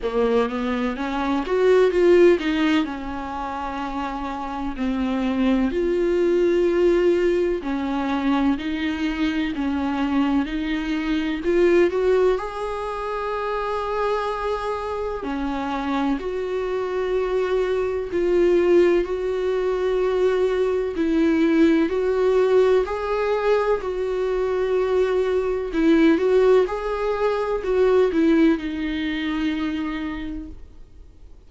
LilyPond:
\new Staff \with { instrumentName = "viola" } { \time 4/4 \tempo 4 = 63 ais8 b8 cis'8 fis'8 f'8 dis'8 cis'4~ | cis'4 c'4 f'2 | cis'4 dis'4 cis'4 dis'4 | f'8 fis'8 gis'2. |
cis'4 fis'2 f'4 | fis'2 e'4 fis'4 | gis'4 fis'2 e'8 fis'8 | gis'4 fis'8 e'8 dis'2 | }